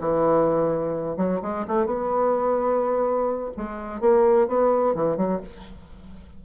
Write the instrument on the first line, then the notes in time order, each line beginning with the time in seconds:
bassoon
0.00 E3
1.17 F#3
1.42 G#3
1.67 A3
1.86 B3
3.56 G#3
4.00 A#3
4.47 B3
4.95 E3
5.16 F#3